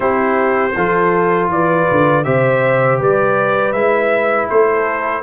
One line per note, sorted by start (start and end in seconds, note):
0.00 0.74 C4
0.00 0.70 E4
0.00 0.75 G4
0.00 1.49 C5
0.76 1.48 F3
0.76 2.24 F4
0.76 1.51 A4
1.48 1.85 E3
1.48 2.25 B4
1.48 2.23 D5
1.90 2.25 D3
2.23 3.00 C3
2.23 3.74 G4
2.23 2.99 C5
2.23 2.98 E5
2.99 3.73 G3
2.99 4.49 B4
2.99 3.72 D5
3.72 4.48 G#3
3.72 5.22 E4
3.72 4.47 E5
4.49 5.22 A3
4.49 5.22 A4
4.49 5.22 C5